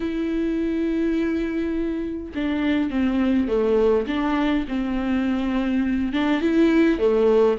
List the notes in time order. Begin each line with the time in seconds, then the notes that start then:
0.00 E4
2.35 D4
2.90 C4
3.47 A3
4.07 D4
4.68 C4
6.12 D4
6.41 E4
6.98 A3